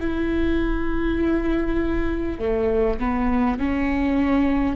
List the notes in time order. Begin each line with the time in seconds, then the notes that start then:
0.00 E4
2.39 A3
2.99 B3
3.59 C#4